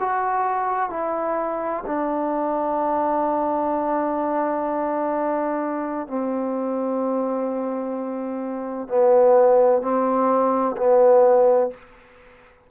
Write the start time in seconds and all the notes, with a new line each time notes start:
0.00 F#4
0.90 E4
1.87 D4
6.08 C4
8.88 B3
9.82 C4
10.77 B3